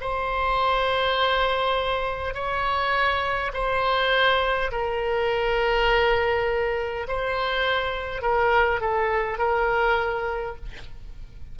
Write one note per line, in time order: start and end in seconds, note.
0.00 2.34 C5
2.34 3.52 C#5
3.53 4.71 C5
4.71 7.06 A#4
7.07 8.21 C5
8.21 8.80 A#4
8.80 9.37 A4
9.37 10.55 A#4